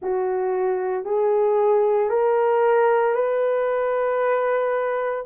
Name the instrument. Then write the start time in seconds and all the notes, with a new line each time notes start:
horn
0.02 F#4
1.04 G#4
2.09 A#4
3.14 B4